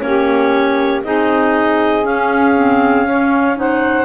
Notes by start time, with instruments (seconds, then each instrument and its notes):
0.00 double bass A#3, clarinet C#4 C#5, saxophone G4
1.04 double bass C4, clarinet D#4 D#5, saxophone G#4
2.03 clarinet C#4 F5, double bass C#4
2.56 clarinet C4
3.06 clarinet C#4, saxophone C#5
3.56 clarinet D#4 F#5, saxophone C5